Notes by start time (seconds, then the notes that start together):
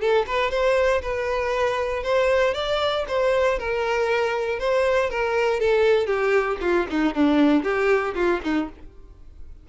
0.00 A4
0.26 B4
0.50 C5
1.02 B4
2.03 C5
2.54 D5
3.08 C5
3.58 A#4
4.59 C5
5.09 A#4
5.60 A4
6.06 G4
6.60 F4
6.90 D#4
7.14 D4
7.63 G4
8.14 F4
8.43 D#4